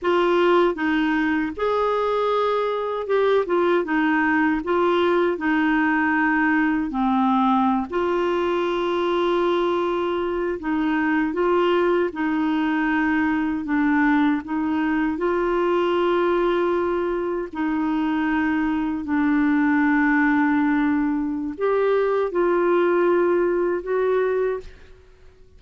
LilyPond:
\new Staff \with { instrumentName = "clarinet" } { \time 4/4 \tempo 4 = 78 f'4 dis'4 gis'2 | g'8 f'8 dis'4 f'4 dis'4~ | dis'4 c'4~ c'16 f'4.~ f'16~ | f'4.~ f'16 dis'4 f'4 dis'16~ |
dis'4.~ dis'16 d'4 dis'4 f'16~ | f'2~ f'8. dis'4~ dis'16~ | dis'8. d'2.~ d'16 | g'4 f'2 fis'4 | }